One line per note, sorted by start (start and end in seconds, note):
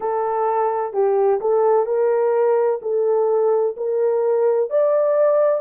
0.00 0.93 A4
0.93 1.40 G4
1.41 1.86 A4
1.86 2.80 A#4
2.81 3.75 A4
3.77 4.70 A#4
4.70 5.60 D5